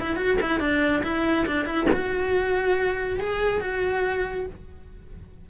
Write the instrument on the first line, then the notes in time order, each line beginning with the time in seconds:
cello
0.00 E4
0.16 F#4
0.41 E4
0.60 D4
1.03 E4
1.46 D4
1.66 E4
1.93 F#4
3.20 G#4
3.61 F#4